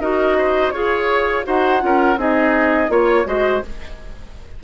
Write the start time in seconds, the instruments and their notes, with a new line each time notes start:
0.00 bassoon D#4, clarinet F#4, oboe A#4, flute D#5
0.38 oboe C5
0.71 bassoon F4, clarinet G#4, flute C#5, oboe C#5
1.44 bassoon D#4, clarinet F#4, oboe C5, flute F#5
1.80 bassoon C#4, clarinet F4, oboe A#4
2.16 bassoon C4, clarinet D#4, oboe G#4, flute D#5
2.89 bassoon A#3, clarinet F4, oboe C#5, flute C#5
3.25 bassoon G#3, clarinet F#4, oboe C5, flute D#5